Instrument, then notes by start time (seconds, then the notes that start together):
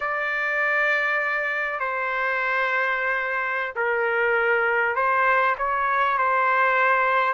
trumpet
0.00 D5
1.79 C5
3.75 A#4
4.95 C5
5.58 C#5
6.18 C5